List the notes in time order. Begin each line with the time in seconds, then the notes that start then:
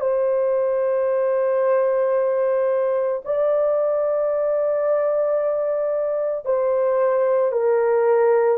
0.00 C5
3.24 D5
6.45 C5
7.51 A#4